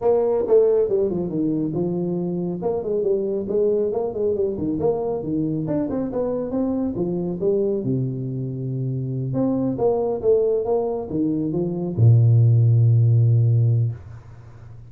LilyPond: \new Staff \with { instrumentName = "tuba" } { \time 4/4 \tempo 4 = 138 ais4 a4 g8 f8 dis4 | f2 ais8 gis8 g4 | gis4 ais8 gis8 g8 dis8 ais4 | dis4 d'8 c'8 b4 c'4 |
f4 g4 c2~ | c4. c'4 ais4 a8~ | a8 ais4 dis4 f4 ais,8~ | ais,1 | }